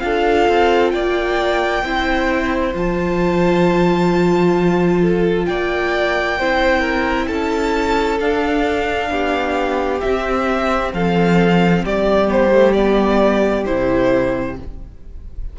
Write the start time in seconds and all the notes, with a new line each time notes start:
0.00 D4 F4 A4 F5
0.49 C4
0.91 A#3 D5 G5
1.83 C4 E4 C5
2.75 F3 F4 A5
5.01 A4
5.46 A#3 D5 G5
6.39 C4 E4 C5
6.80 A#4
7.27 C#4 A4 A5
8.20 D4 F5
9.10 B3 G4
10.01 C4 E5
10.94 F3 A4 F5
11.84 G3 G4 D5
12.27 B3 C5
12.52 A3
12.73 B3 D5
13.66 C3 E4 C5